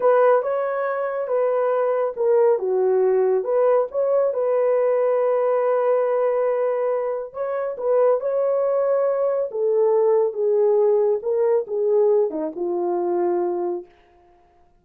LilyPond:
\new Staff \with { instrumentName = "horn" } { \time 4/4 \tempo 4 = 139 b'4 cis''2 b'4~ | b'4 ais'4 fis'2 | b'4 cis''4 b'2~ | b'1~ |
b'4 cis''4 b'4 cis''4~ | cis''2 a'2 | gis'2 ais'4 gis'4~ | gis'8 dis'8 f'2. | }